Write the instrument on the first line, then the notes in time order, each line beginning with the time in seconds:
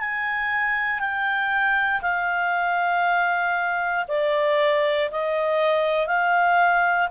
clarinet
0.00 G#5
0.99 G5
2.02 F5
4.08 D5
5.11 D#5
6.07 F5